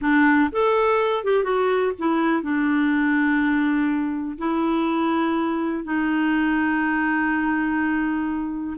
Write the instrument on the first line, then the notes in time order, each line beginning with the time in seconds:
clarinet
0.01 D4
0.51 A4
1.24 G4
1.43 F#4
1.98 E4
2.42 D4
4.38 E4
5.84 D#4